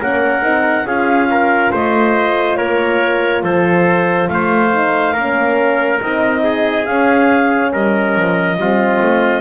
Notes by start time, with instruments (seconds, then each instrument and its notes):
0.00 double bass A#3, horn C#4, trumpet A#4, clarinet F#5
0.42 double bass C4, horn D#4
0.85 double bass C#4, horn F4, trumpet G#4, clarinet F5
1.31 trumpet A#4
1.72 double bass A3, trumpet C5, clarinet D#5
2.57 double bass A#3, trumpet A#4, clarinet C#5
3.43 double bass F3, trumpet A4, clarinet C5
4.29 double bass A3, trumpet C5, clarinet F5
4.73 horn D#4
5.14 double bass A#3, horn C#4, trumpet A#4
6.02 double bass C4, horn D#4, clarinet D#5
6.44 trumpet G#4
6.86 double bass C#4, horn C#4, clarinet F5
7.73 double bass G3, trumpet A#4, clarinet D#5
8.16 double bass F3
8.58 double bass G3, horn C4, trumpet F4
9.02 double bass A3